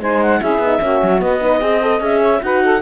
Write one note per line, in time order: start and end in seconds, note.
0.00 0.40 G#3
0.00 0.42 D#4
0.00 0.40 C5
0.00 0.22 G#5
0.22 0.41 F#5
0.40 0.58 C#4
0.40 0.62 E4
0.40 0.80 G#4
0.40 1.21 E5
0.58 0.78 B3
0.58 0.79 D#4
0.79 1.01 A#3
0.79 1.19 C#4
0.79 1.41 F#4
1.02 1.21 F#3
1.19 1.40 B3
1.19 1.61 B3
1.19 2.02 D#5
1.41 1.60 D#4
1.41 1.61 B4
1.60 2.00 C4
1.60 1.80 G#4
1.60 2.21 D#5
1.81 2.00 A4
2.00 2.40 C#4
2.00 2.40 G#4
2.00 2.43 E5
2.21 2.41 C#5
2.41 2.81 D#4
2.41 2.81 F#4
2.41 2.63 B4
2.41 2.81 F#5
2.63 2.81 A4